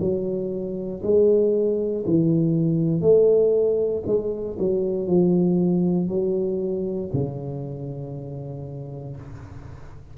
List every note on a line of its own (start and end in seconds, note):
0.00 1.02 F#3
1.03 2.05 G#3
2.06 3.01 E3
3.01 4.03 A3
4.06 4.57 G#3
4.59 5.08 F#3
5.08 6.08 F3
6.08 7.10 F#3
7.13 9.17 C#3